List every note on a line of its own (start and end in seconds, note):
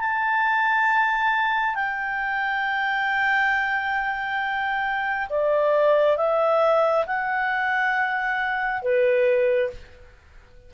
0.00 1.76 A5
1.76 5.29 G5
5.30 6.18 D5
6.18 7.06 E5
7.07 8.83 F#5
8.83 9.71 B4